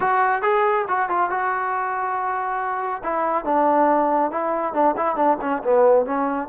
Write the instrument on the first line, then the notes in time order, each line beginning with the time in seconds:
trombone
0.00 F#4
0.41 G#4
0.88 F#4
1.09 F4
1.29 F#4
3.03 E4
3.44 D4
4.31 E4
4.73 D4
4.96 E4
5.15 D4
5.41 C#4
5.63 B3
6.05 C#4